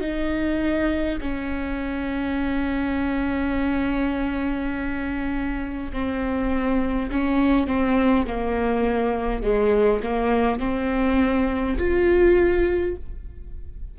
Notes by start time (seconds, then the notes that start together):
0.00 D#4
1.21 C#4
5.92 C4
7.11 C#4
7.67 C4
8.26 A#3
9.42 G#3
10.03 A#3
10.59 C4
11.78 F4